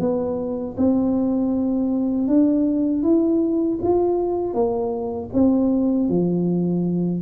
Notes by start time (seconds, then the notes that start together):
0.00 B3
0.78 C4
2.28 D4
3.03 E4
3.83 F4
4.54 A#3
5.34 C4
6.09 F3